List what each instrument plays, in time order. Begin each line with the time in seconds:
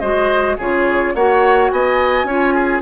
0.00 bassoon G#3, clarinet F#4, oboe C5, flute D#5
0.57 bassoon C#3, clarinet F4, oboe G#4, flute C#5
1.15 bassoon A#3, clarinet F#4, oboe C#5, flute F#5
1.70 bassoon B3, oboe D#5, flute G#5
2.24 bassoon C#4, clarinet F4, oboe C#5
2.54 oboe G#4